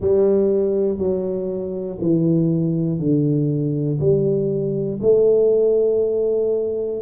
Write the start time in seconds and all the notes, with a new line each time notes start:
0.00 G3
0.98 F#3
2.00 E3
2.99 D3
4.00 G3
5.02 A3